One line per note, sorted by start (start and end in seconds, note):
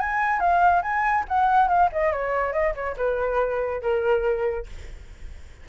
0.00 0.40 G#5
0.40 0.82 F5
0.82 1.25 G#5
1.28 1.68 F#5
1.68 1.90 F5
1.92 2.12 D#5
2.12 2.53 C#5
2.53 2.74 D#5
2.75 2.96 C#5
2.97 3.82 B4
3.82 4.66 A#4